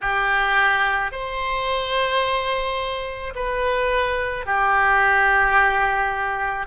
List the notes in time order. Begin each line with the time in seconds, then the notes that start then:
0.01 G4
1.11 C5
3.35 B4
4.45 G4